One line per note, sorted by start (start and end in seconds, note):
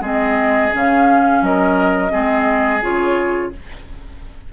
0.00 0.70 G#3
0.00 0.72 C4
0.00 1.40 G#4
0.00 0.74 D#5
0.72 1.41 C#3
0.72 2.10 C#4
0.72 1.44 F5
1.41 2.11 F#3
1.41 2.12 A#4
1.41 2.83 D#5
2.10 2.82 G#3
2.10 2.80 C4
2.10 3.51 G#4
2.82 3.52 C#3
2.82 3.51 F4
2.82 3.52 C#5